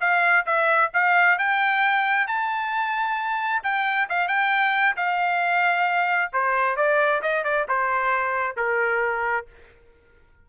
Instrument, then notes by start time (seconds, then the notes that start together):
trumpet
0.00 F5
0.45 E5
0.93 F5
1.38 G5
2.27 A5
3.63 G5
4.09 F5
4.28 G5
4.96 F5
6.32 C5
6.76 D5
7.22 D#5
7.44 D5
7.68 C5
8.56 A#4